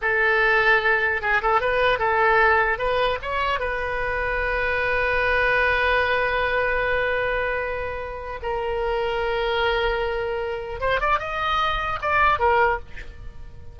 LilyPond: \new Staff \with { instrumentName = "oboe" } { \time 4/4 \tempo 4 = 150 a'2. gis'8 a'8 | b'4 a'2 b'4 | cis''4 b'2.~ | b'1~ |
b'1~ | b'4 ais'2.~ | ais'2. c''8 d''8 | dis''2 d''4 ais'4 | }